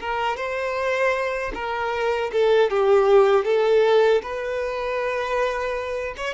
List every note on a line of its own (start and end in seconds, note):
0.00 0.36 A#4
0.36 1.52 C5
1.54 2.31 A#4
2.32 2.70 A4
2.70 3.44 G4
3.44 4.21 A4
4.22 6.14 B4
6.17 6.33 C#5